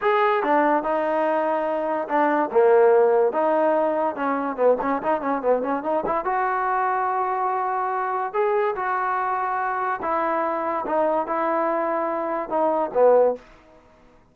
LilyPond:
\new Staff \with { instrumentName = "trombone" } { \time 4/4 \tempo 4 = 144 gis'4 d'4 dis'2~ | dis'4 d'4 ais2 | dis'2 cis'4 b8 cis'8 | dis'8 cis'8 b8 cis'8 dis'8 e'8 fis'4~ |
fis'1 | gis'4 fis'2. | e'2 dis'4 e'4~ | e'2 dis'4 b4 | }